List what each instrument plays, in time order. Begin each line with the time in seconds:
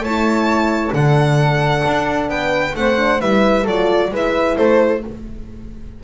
0.00 double bass A3, horn E4, flute C#5, violin A5
0.93 double bass D3, horn D4, flute A4, violin F#5
1.87 double bass D4
2.28 double bass B3, flute B4, violin G5
2.75 double bass A3, horn C4, flute C5, violin F#5
2.97 horn D4
3.21 double bass G3, horn E4, flute B4, violin E5
3.63 double bass F#3, horn F4, flute A4, violin D5
4.11 double bass G#3, horn E4, flute B4, violin E5
4.57 double bass A3, flute A4, violin C5